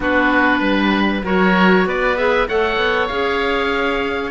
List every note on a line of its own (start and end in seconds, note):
0.00 0.60 B3
0.00 1.22 D4
0.00 0.59 F#4
0.00 1.26 B4
0.59 1.22 G3
0.59 1.20 B4
1.23 1.85 F#3
1.23 2.16 F#4
1.23 1.85 A#4
1.23 1.88 C#5
1.85 2.47 B3
1.85 2.48 B4
1.85 2.16 D5
2.16 2.47 G#4
2.16 2.47 E5
2.48 2.77 A3
2.48 3.09 A4
2.48 4.31 C#5
2.48 3.07 F#5
2.77 3.07 B3
3.07 4.31 C#4
3.07 4.31 G#4
3.07 4.31 F5